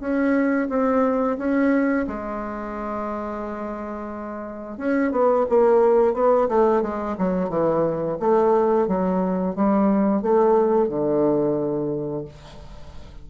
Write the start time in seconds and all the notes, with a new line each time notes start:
0.00 C#4
0.69 C4
1.38 C#4
2.08 G#3
4.78 C#4
5.12 B3
5.49 A#3
6.14 B3
6.49 A3
6.82 G#3
7.18 F#3
7.50 E3
8.20 A3
8.88 F#3
9.56 G3
10.22 A3
10.89 D3